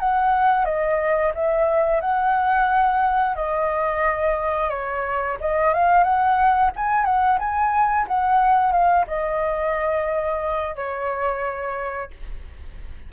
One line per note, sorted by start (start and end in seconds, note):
0.00 0.65 F#5
0.65 1.32 D#5
1.35 2.01 E5
2.01 3.36 F#5
3.36 4.70 D#5
4.70 5.37 C#5
5.41 5.74 D#5
5.74 6.04 F5
6.04 6.71 F#5
6.76 7.05 G#5
7.05 7.39 F#5
7.39 8.07 G#5
8.08 8.72 F#5
8.72 9.06 F5
9.08 10.76 D#5
10.76 12.10 C#5